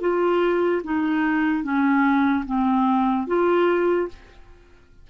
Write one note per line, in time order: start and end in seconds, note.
0.00 0.81 F4
0.83 1.63 D#4
1.63 2.44 C#4
2.45 3.27 C4
3.27 4.08 F4